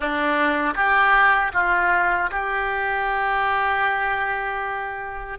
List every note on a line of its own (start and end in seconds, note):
0.00 0.74 D4
0.75 1.52 G4
1.53 2.30 F4
2.30 5.38 G4